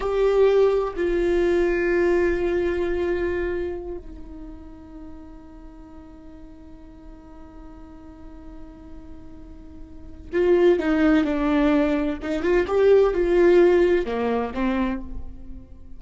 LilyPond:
\new Staff \with { instrumentName = "viola" } { \time 4/4 \tempo 4 = 128 g'2 f'2~ | f'1~ | f'8 dis'2.~ dis'8~ | dis'1~ |
dis'1~ | dis'2 f'4 dis'4 | d'2 dis'8 f'8 g'4 | f'2 ais4 c'4 | }